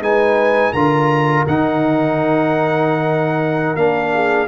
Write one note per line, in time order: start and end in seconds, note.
0.00 0.71 G#3
0.00 0.74 D#4
0.00 0.73 B4
0.00 0.72 G#5
0.72 1.45 D3
0.72 1.47 F4
0.72 4.12 A#4
0.72 1.44 A#5
1.47 3.75 D#3
1.47 3.77 D#4
1.47 3.76 F#5
3.75 4.47 A#3
3.75 4.48 D4
3.75 4.47 F5
4.13 4.48 G#4